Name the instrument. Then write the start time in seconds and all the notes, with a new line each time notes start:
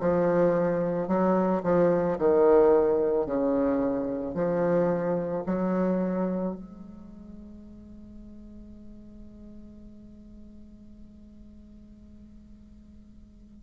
bassoon
0.00 F3
1.08 F#3
1.63 F3
2.18 D#3
3.26 C#3
4.34 F3
5.46 F#3
6.55 G#3